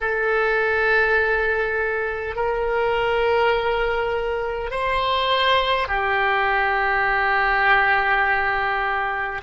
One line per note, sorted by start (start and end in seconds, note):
0.00 2.35 A4
2.35 4.71 A#4
4.71 5.88 C5
5.88 9.41 G4